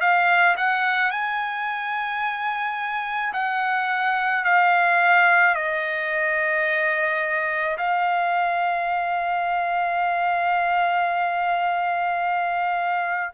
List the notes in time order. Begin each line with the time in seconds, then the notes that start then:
0.00 F5
0.57 F#5
1.11 G#5
3.33 F#5
4.44 F5
5.55 D#5
7.78 F5